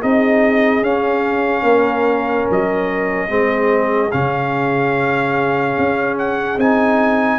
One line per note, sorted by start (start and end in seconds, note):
0.00 0.82 C4
0.00 0.83 D#4
0.00 1.64 G#4
0.00 0.84 D#5
0.82 1.63 C#4
0.82 3.29 C#4
0.82 2.48 F5
1.63 2.45 A#3
1.63 3.28 A#4
2.50 3.29 F#3
2.50 4.12 D#5
3.29 4.11 G#3
3.29 4.11 C4
3.29 7.39 G#4
4.12 5.78 C#3
4.12 6.59 C#4
4.12 6.17 F5
5.78 6.58 C#4
6.18 6.59 F#5
6.58 7.39 C4
6.58 7.39 D#4
6.58 7.39 G#5